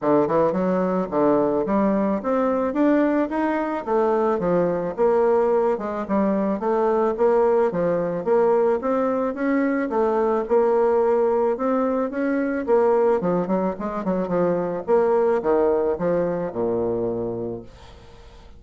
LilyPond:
\new Staff \with { instrumentName = "bassoon" } { \time 4/4 \tempo 4 = 109 d8 e8 fis4 d4 g4 | c'4 d'4 dis'4 a4 | f4 ais4. gis8 g4 | a4 ais4 f4 ais4 |
c'4 cis'4 a4 ais4~ | ais4 c'4 cis'4 ais4 | f8 fis8 gis8 fis8 f4 ais4 | dis4 f4 ais,2 | }